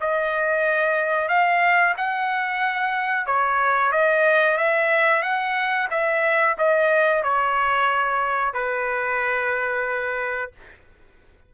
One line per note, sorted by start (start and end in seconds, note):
0.00 1.28 D#5
1.28 1.94 F5
1.97 3.26 F#5
3.26 3.91 C#5
3.91 4.57 D#5
4.57 5.22 E5
5.22 5.88 F#5
5.90 6.56 E5
6.58 7.23 D#5
7.23 8.54 C#5
8.54 10.51 B4